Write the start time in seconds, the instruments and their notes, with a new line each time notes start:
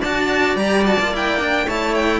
0.00 cello D4 F#4, violin D5 A5
0.56 cello G3 G4, violin A#5
0.85 cello F#4, violin A5
0.99 cello A#3 F4
1.14 cello E4, violin G5
1.40 cello D4
1.67 cello A3 E4, violin C#5 A5
1.95 violin G5